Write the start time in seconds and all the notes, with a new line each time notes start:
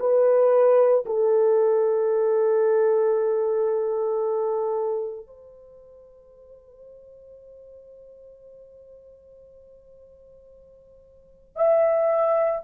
0.00 B4
1.06 A4
5.27 C5
11.56 E5